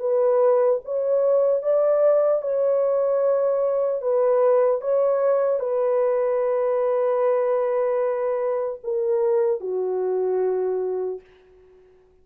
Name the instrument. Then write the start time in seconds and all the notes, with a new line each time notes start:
horn
0.00 B4
0.85 C#5
1.63 D5
2.42 C#5
4.02 B4
4.81 C#5
5.60 B4
8.84 A#4
9.60 F#4